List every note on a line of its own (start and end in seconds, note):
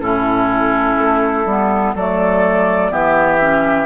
0.00 0.97 A2
0.00 1.46 C#4
0.00 1.95 E4
0.00 1.94 A4
0.97 1.45 A3
1.45 1.94 G3
1.45 1.96 B3
1.94 2.91 F#3
1.94 2.90 A3
1.94 2.91 A4
1.94 2.92 D5
2.90 3.86 E3
2.90 3.39 B3
2.90 3.86 G4
2.90 3.86 E5
3.40 3.86 C#4